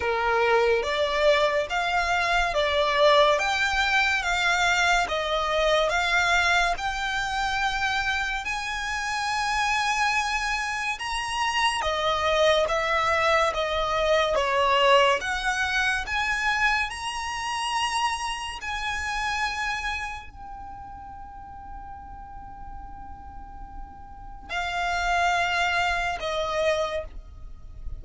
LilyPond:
\new Staff \with { instrumentName = "violin" } { \time 4/4 \tempo 4 = 71 ais'4 d''4 f''4 d''4 | g''4 f''4 dis''4 f''4 | g''2 gis''2~ | gis''4 ais''4 dis''4 e''4 |
dis''4 cis''4 fis''4 gis''4 | ais''2 gis''2 | g''1~ | g''4 f''2 dis''4 | }